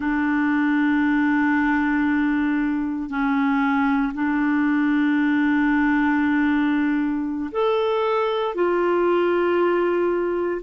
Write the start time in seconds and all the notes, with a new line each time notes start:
0.00 D4
3.09 C#4
4.14 D4
7.51 A4
8.54 F4